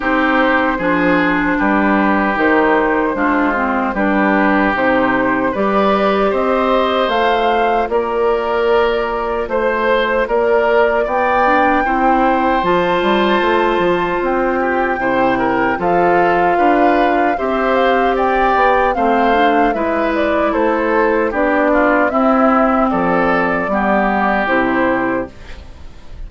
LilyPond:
<<
  \new Staff \with { instrumentName = "flute" } { \time 4/4 \tempo 4 = 76 c''2 b'4 c''4~ | c''4 b'4 c''4 d''4 | dis''4 f''4 d''2 | c''4 d''4 g''2 |
a''2 g''2 | f''2 e''8 f''8 g''4 | f''4 e''8 d''8 c''4 d''4 | e''4 d''2 c''4 | }
  \new Staff \with { instrumentName = "oboe" } { \time 4/4 g'4 gis'4 g'2 | f'4 g'2 b'4 | c''2 ais'2 | c''4 ais'4 d''4 c''4~ |
c''2~ c''8 g'8 c''8 ais'8 | a'4 b'4 c''4 d''4 | c''4 b'4 a'4 g'8 f'8 | e'4 a'4 g'2 | }
  \new Staff \with { instrumentName = "clarinet" } { \time 4/4 dis'4 d'2 dis'4 | d'8 c'8 d'4 dis'4 g'4~ | g'4 f'2.~ | f'2~ f'8 d'8 e'4 |
f'2. e'4 | f'2 g'2 | c'8 d'8 e'2 d'4 | c'2 b4 e'4 | }
  \new Staff \with { instrumentName = "bassoon" } { \time 4/4 c'4 f4 g4 dis4 | gis4 g4 c4 g4 | c'4 a4 ais2 | a4 ais4 b4 c'4 |
f8 g8 a8 f8 c'4 c4 | f4 d'4 c'4. b8 | a4 gis4 a4 b4 | c'4 f4 g4 c4 | }
>>